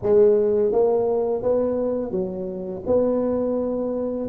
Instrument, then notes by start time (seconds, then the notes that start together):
tuba
0.02 G#3
0.72 A#3
1.42 B3
2.11 F#3
2.86 B3